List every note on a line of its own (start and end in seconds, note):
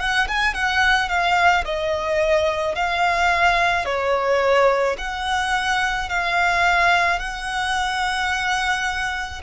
0.00 0.28 F#5
0.29 0.55 G#5
0.55 1.10 F#5
1.10 1.65 F5
1.65 2.76 D#5
2.76 3.86 F5
3.86 4.97 C#5
4.98 6.10 F#5
6.10 7.20 F5
7.20 9.42 F#5